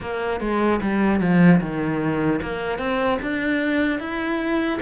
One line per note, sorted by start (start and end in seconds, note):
0.00 0.40 A#3
0.40 0.80 G#3
0.81 1.20 G3
1.20 1.60 F3
1.60 2.40 D#3
2.41 2.78 A#3
2.78 3.18 C4
3.21 3.99 D4
3.99 4.79 E4